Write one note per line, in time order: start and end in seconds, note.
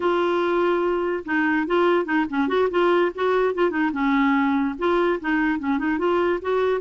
0.00 1.23 F4
1.25 1.66 D#4
1.66 2.05 F4
2.05 2.25 D#4
2.29 2.48 C#4
2.48 2.68 F#4
2.70 3.11 F4
3.14 3.54 F#4
3.54 3.70 F4
3.70 3.91 D#4
3.92 4.75 C#4
4.78 5.19 F4
5.20 5.59 D#4
5.59 5.78 C#4
5.78 5.98 D#4
5.98 6.39 F4
6.41 6.81 F#4